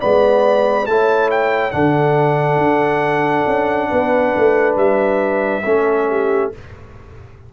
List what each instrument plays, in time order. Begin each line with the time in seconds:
0.00 tuba G#3, trombone B3, horn D5, trumpet B5
0.86 tuba A3, trombone E4, horn C#5, trumpet A5
1.31 trumpet G5
1.71 tuba D3, trombone D4, horn A4, trumpet F#5
2.57 tuba D4
3.47 tuba C#4
3.89 tuba B3, horn B4
4.37 tuba A3
4.76 tuba G3, trumpet E5
5.65 tuba A3, trombone C#4, horn A4
6.10 horn G4